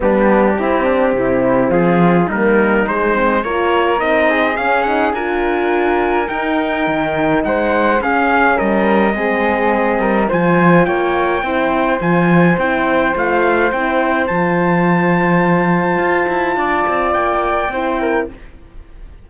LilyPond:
<<
  \new Staff \with { instrumentName = "trumpet" } { \time 4/4 \tempo 4 = 105 g'2. gis'4 | ais'4 c''4 cis''4 dis''4 | f''8 fis''8 gis''2 g''4~ | g''4 fis''4 f''4 dis''4~ |
dis''2 gis''4 g''4~ | g''4 gis''4 g''4 f''4 | g''4 a''2.~ | a''2 g''2 | }
  \new Staff \with { instrumentName = "flute" } { \time 4/4 d'4 e'8 d'8 e'4 f'4 | dis'2 ais'4. gis'8~ | gis'4 ais'2.~ | ais'4 c''4 gis'4 ais'4 |
gis'4. ais'8 c''4 cis''4 | c''1~ | c''1~ | c''4 d''2 c''8 ais'8 | }
  \new Staff \with { instrumentName = "horn" } { \time 4/4 b4 c'2. | ais4 gis8 c'8 f'4 dis'4 | cis'8 dis'8 f'2 dis'4~ | dis'2 cis'2 |
c'2 f'2 | e'4 f'4 e'4 f'4 | e'4 f'2.~ | f'2. e'4 | }
  \new Staff \with { instrumentName = "cello" } { \time 4/4 g4 c'4 c4 f4 | g4 gis4 ais4 c'4 | cis'4 d'2 dis'4 | dis4 gis4 cis'4 g4 |
gis4. g8 f4 ais4 | c'4 f4 c'4 a4 | c'4 f2. | f'8 e'8 d'8 c'8 ais4 c'4 | }
>>